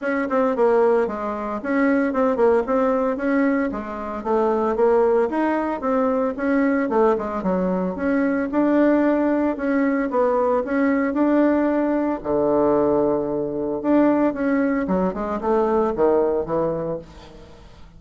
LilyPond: \new Staff \with { instrumentName = "bassoon" } { \time 4/4 \tempo 4 = 113 cis'8 c'8 ais4 gis4 cis'4 | c'8 ais8 c'4 cis'4 gis4 | a4 ais4 dis'4 c'4 | cis'4 a8 gis8 fis4 cis'4 |
d'2 cis'4 b4 | cis'4 d'2 d4~ | d2 d'4 cis'4 | fis8 gis8 a4 dis4 e4 | }